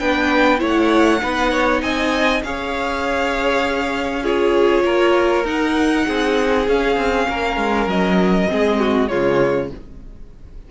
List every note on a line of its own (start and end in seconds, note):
0.00 0.62 B3
0.00 0.59 D4
0.00 0.60 B4
0.00 0.61 G5
0.59 1.23 A3
0.59 1.19 E4
0.59 1.21 C#5
0.67 1.82 F#5
1.21 1.82 B3
1.21 2.42 D#4
1.21 1.52 B4
1.52 1.82 C#5
1.82 2.43 C4
1.82 2.44 D#5
1.82 2.43 G#5
2.44 4.84 C#4
2.44 4.24 G#4
2.44 4.23 C#5
2.44 4.26 F5
4.23 5.45 F4
4.23 4.84 G#4
4.23 5.47 C#5
4.84 5.45 A#3
4.84 6.07 A#4
5.45 6.06 D#4
5.45 6.67 D#4
5.45 6.69 F#5
6.07 6.68 C4
6.07 7.28 G#4
6.68 6.97 C#4
6.68 8.48 C#4
6.68 7.90 F5
6.97 7.27 C4
7.29 7.57 A#3
7.29 8.51 A#4
7.57 7.87 G#3
7.87 8.47 F#3
7.87 9.08 D#5
8.48 9.11 G#3
8.48 9.09 C4
8.48 8.80 G#4
8.80 9.10 F#4
9.08 9.71 C#3
9.08 9.70 G#3
9.08 9.71 F4
9.08 9.69 C#5